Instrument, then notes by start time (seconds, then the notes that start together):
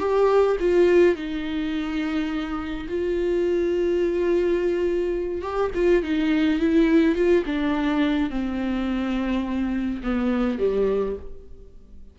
viola
0.00 G4
0.60 F4
1.16 D#4
2.89 F4
5.42 G4
5.75 F4
6.04 D#4
6.60 E4
7.16 F4
7.46 D4
8.31 C4
10.04 B3
10.59 G3